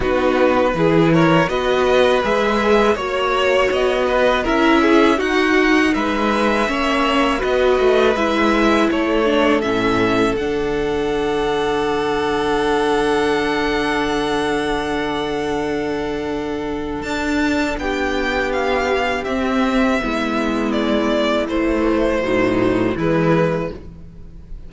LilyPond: <<
  \new Staff \with { instrumentName = "violin" } { \time 4/4 \tempo 4 = 81 b'4. cis''8 dis''4 e''4 | cis''4 dis''4 e''4 fis''4 | e''2 dis''4 e''4 | cis''4 e''4 fis''2~ |
fis''1~ | fis''2. a''4 | g''4 f''4 e''2 | d''4 c''2 b'4 | }
  \new Staff \with { instrumentName = "violin" } { \time 4/4 fis'4 gis'8 ais'8 b'2 | cis''4. b'8 ais'8 gis'8 fis'4 | b'4 cis''4 b'2 | a'1~ |
a'1~ | a'1 | g'2. e'4~ | e'2 dis'4 e'4 | }
  \new Staff \with { instrumentName = "viola" } { \time 4/4 dis'4 e'4 fis'4 gis'4 | fis'2 e'4 dis'4~ | dis'4 cis'4 fis'4 e'4~ | e'8 d'8 cis'4 d'2~ |
d'1~ | d'1~ | d'2 c'4 b4~ | b4 e4 fis4 gis4 | }
  \new Staff \with { instrumentName = "cello" } { \time 4/4 b4 e4 b4 gis4 | ais4 b4 cis'4 dis'4 | gis4 ais4 b8 a8 gis4 | a4 a,4 d2~ |
d1~ | d2. d'4 | b2 c'4 gis4~ | gis4 a4 a,4 e4 | }
>>